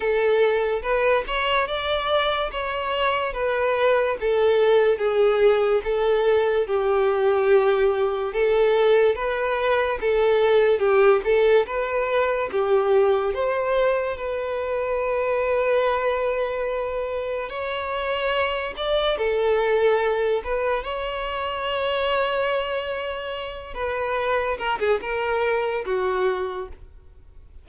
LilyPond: \new Staff \with { instrumentName = "violin" } { \time 4/4 \tempo 4 = 72 a'4 b'8 cis''8 d''4 cis''4 | b'4 a'4 gis'4 a'4 | g'2 a'4 b'4 | a'4 g'8 a'8 b'4 g'4 |
c''4 b'2.~ | b'4 cis''4. d''8 a'4~ | a'8 b'8 cis''2.~ | cis''8 b'4 ais'16 gis'16 ais'4 fis'4 | }